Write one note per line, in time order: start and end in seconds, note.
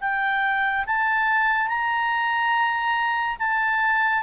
0.00 0.85 G5
0.86 1.67 A5
1.67 3.36 A#5
3.39 4.23 A5